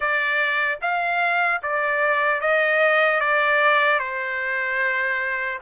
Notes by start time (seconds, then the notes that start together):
0.00 D5
0.81 F5
1.62 D5
2.40 D#5
3.20 D5
3.99 C5